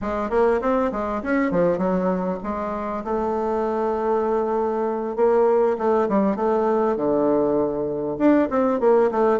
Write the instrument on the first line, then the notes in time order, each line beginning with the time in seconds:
bassoon
0.01 G#3
0.30 A#3
0.61 C4
0.92 G#3
1.22 C#4
1.51 F3
1.77 F#3
2.43 G#3
3.04 A3
5.16 A#3
5.77 A3
6.09 G3
6.36 A3
6.96 D3
8.18 D4
8.50 C4
8.80 A#3
9.11 A3